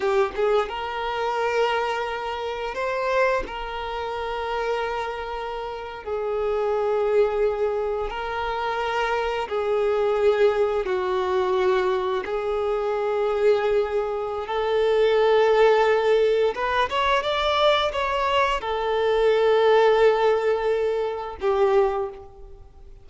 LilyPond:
\new Staff \with { instrumentName = "violin" } { \time 4/4 \tempo 4 = 87 g'8 gis'8 ais'2. | c''4 ais'2.~ | ais'8. gis'2. ais'16~ | ais'4.~ ais'16 gis'2 fis'16~ |
fis'4.~ fis'16 gis'2~ gis'16~ | gis'4 a'2. | b'8 cis''8 d''4 cis''4 a'4~ | a'2. g'4 | }